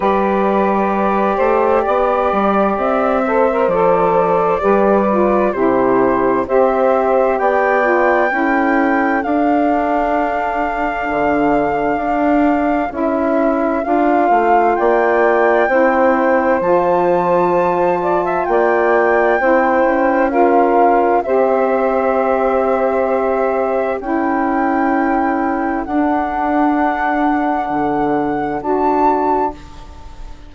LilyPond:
<<
  \new Staff \with { instrumentName = "flute" } { \time 4/4 \tempo 4 = 65 d''2. e''4 | d''2 c''4 e''4 | g''2 f''2~ | f''2 e''4 f''4 |
g''2 a''2 | g''2 f''4 e''4~ | e''2 g''2 | fis''2. a''4 | }
  \new Staff \with { instrumentName = "saxophone" } { \time 4/4 b'4. c''8 d''4. c''8~ | c''4 b'4 g'4 c''4 | d''4 a'2.~ | a'1 |
d''4 c''2~ c''8 d''16 e''16 | d''4 c''4 ais'4 c''4~ | c''2 a'2~ | a'1 | }
  \new Staff \with { instrumentName = "saxophone" } { \time 4/4 g'2.~ g'8 a'16 ais'16 | a'4 g'8 f'8 e'4 g'4~ | g'8 f'8 e'4 d'2~ | d'2 e'4 f'4~ |
f'4 e'4 f'2~ | f'4 e'4 f'4 g'4~ | g'2 e'2 | d'2. fis'4 | }
  \new Staff \with { instrumentName = "bassoon" } { \time 4/4 g4. a8 b8 g8 c'4 | f4 g4 c4 c'4 | b4 cis'4 d'2 | d4 d'4 cis'4 d'8 a8 |
ais4 c'4 f2 | ais4 c'8 cis'4. c'4~ | c'2 cis'2 | d'2 d4 d'4 | }
>>